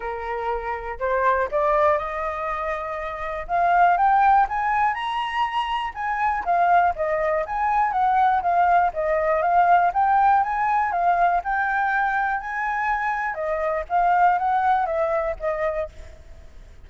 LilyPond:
\new Staff \with { instrumentName = "flute" } { \time 4/4 \tempo 4 = 121 ais'2 c''4 d''4 | dis''2. f''4 | g''4 gis''4 ais''2 | gis''4 f''4 dis''4 gis''4 |
fis''4 f''4 dis''4 f''4 | g''4 gis''4 f''4 g''4~ | g''4 gis''2 dis''4 | f''4 fis''4 e''4 dis''4 | }